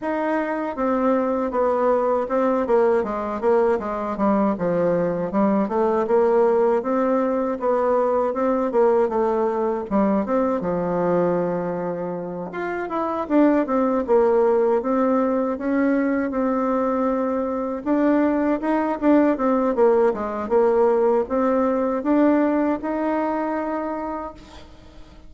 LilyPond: \new Staff \with { instrumentName = "bassoon" } { \time 4/4 \tempo 4 = 79 dis'4 c'4 b4 c'8 ais8 | gis8 ais8 gis8 g8 f4 g8 a8 | ais4 c'4 b4 c'8 ais8 | a4 g8 c'8 f2~ |
f8 f'8 e'8 d'8 c'8 ais4 c'8~ | c'8 cis'4 c'2 d'8~ | d'8 dis'8 d'8 c'8 ais8 gis8 ais4 | c'4 d'4 dis'2 | }